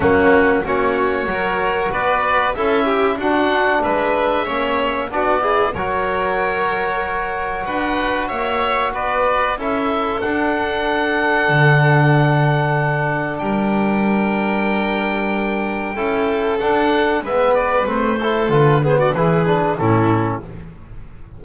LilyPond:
<<
  \new Staff \with { instrumentName = "oboe" } { \time 4/4 \tempo 4 = 94 fis'4 cis''2 d''4 | e''4 fis''4 e''2 | d''4 cis''2. | fis''4 e''4 d''4 e''4 |
fis''1~ | fis''4 g''2.~ | g''2 fis''4 e''8 d''8 | c''4 b'8 c''16 d''16 b'4 a'4 | }
  \new Staff \with { instrumentName = "violin" } { \time 4/4 cis'4 fis'4 ais'4 b'4 | a'8 g'8 fis'4 b'4 cis''4 | fis'8 gis'8 ais'2. | b'4 cis''4 b'4 a'4~ |
a'1~ | a'4 ais'2.~ | ais'4 a'2 b'4~ | b'8 a'4 gis'16 fis'16 gis'4 e'4 | }
  \new Staff \with { instrumentName = "trombone" } { \time 4/4 ais4 cis'4 fis'2 | e'4 d'2 cis'4 | d'8 e'8 fis'2.~ | fis'2. e'4 |
d'1~ | d'1~ | d'4 e'4 d'4 b4 | c'8 e'8 f'8 b8 e'8 d'8 cis'4 | }
  \new Staff \with { instrumentName = "double bass" } { \time 4/4 fis4 ais4 fis4 b4 | cis'4 d'4 gis4 ais4 | b4 fis2. | d'4 ais4 b4 cis'4 |
d'2 d2~ | d4 g2.~ | g4 cis'4 d'4 gis4 | a4 d4 e4 a,4 | }
>>